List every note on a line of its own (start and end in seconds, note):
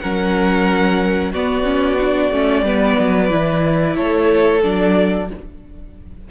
0.00 1.34 F#3
0.00 1.34 C#4
0.00 1.32 A#4
0.00 1.32 F#5
1.32 2.31 B3
1.32 1.64 B3
1.32 2.64 F#4
1.32 3.96 D5
1.64 1.97 C#4
2.00 2.33 D4
2.31 2.62 A3
2.31 2.66 C#4
2.62 2.95 G3
2.62 3.30 B3
2.62 3.97 B4
3.00 3.31 F#3
3.30 3.97 E3
3.30 4.62 E4
3.96 4.64 A3
3.96 5.29 A4
3.96 4.62 C#5
4.63 5.31 F#3
4.63 5.29 D4
4.63 5.30 D5